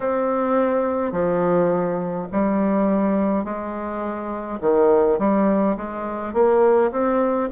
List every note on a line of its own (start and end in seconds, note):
0.00 1.12 C4
1.12 2.27 F3
2.32 3.44 G3
3.44 4.59 G#3
4.60 5.18 D#3
5.18 5.76 G3
5.76 6.33 G#3
6.33 6.91 A#3
6.91 7.49 C4